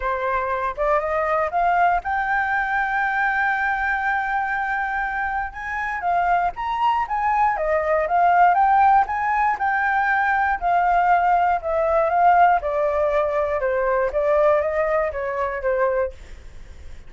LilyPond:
\new Staff \with { instrumentName = "flute" } { \time 4/4 \tempo 4 = 119 c''4. d''8 dis''4 f''4 | g''1~ | g''2. gis''4 | f''4 ais''4 gis''4 dis''4 |
f''4 g''4 gis''4 g''4~ | g''4 f''2 e''4 | f''4 d''2 c''4 | d''4 dis''4 cis''4 c''4 | }